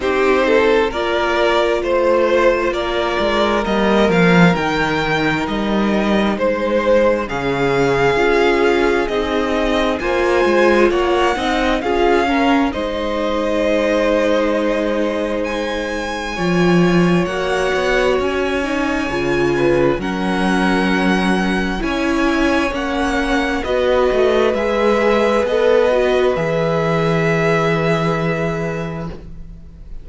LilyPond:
<<
  \new Staff \with { instrumentName = "violin" } { \time 4/4 \tempo 4 = 66 c''4 d''4 c''4 d''4 | dis''8 f''8 g''4 dis''4 c''4 | f''2 dis''4 gis''4 | fis''4 f''4 dis''2~ |
dis''4 gis''2 fis''4 | gis''2 fis''2 | gis''4 fis''4 dis''4 e''4 | dis''4 e''2. | }
  \new Staff \with { instrumentName = "violin" } { \time 4/4 g'8 a'8 ais'4 c''4 ais'4~ | ais'2. c''4 | gis'2. c''4 | cis''8 dis''8 gis'8 ais'8 c''2~ |
c''2 cis''2~ | cis''4. b'8 ais'2 | cis''2 b'2~ | b'1 | }
  \new Staff \with { instrumentName = "viola" } { \time 4/4 dis'4 f'2. | ais4 dis'2. | cis'4 f'4 dis'4 f'4~ | f'8 dis'8 f'8 cis'8 dis'2~ |
dis'2 f'4 fis'4~ | fis'8 dis'8 f'4 cis'2 | e'4 cis'4 fis'4 gis'4 | a'8 fis'8 gis'2. | }
  \new Staff \with { instrumentName = "cello" } { \time 4/4 c'4 ais4 a4 ais8 gis8 | g8 f8 dis4 g4 gis4 | cis4 cis'4 c'4 ais8 gis8 | ais8 c'8 cis'4 gis2~ |
gis2 f4 ais8 b8 | cis'4 cis4 fis2 | cis'4 ais4 b8 a8 gis4 | b4 e2. | }
>>